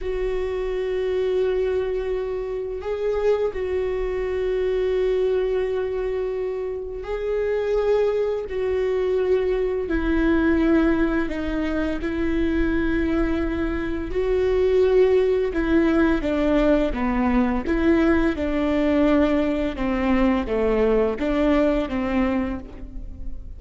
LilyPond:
\new Staff \with { instrumentName = "viola" } { \time 4/4 \tempo 4 = 85 fis'1 | gis'4 fis'2.~ | fis'2 gis'2 | fis'2 e'2 |
dis'4 e'2. | fis'2 e'4 d'4 | b4 e'4 d'2 | c'4 a4 d'4 c'4 | }